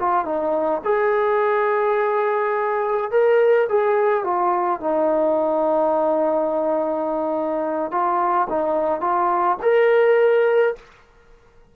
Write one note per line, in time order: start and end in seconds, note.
0.00 0.25 F4
0.25 0.82 D#4
0.85 3.11 G#4
3.12 3.68 A#4
3.69 4.24 G#4
4.24 4.81 F4
4.81 7.92 D#4
7.92 8.48 F4
8.50 9.01 D#4
9.01 9.58 F4
9.63 10.76 A#4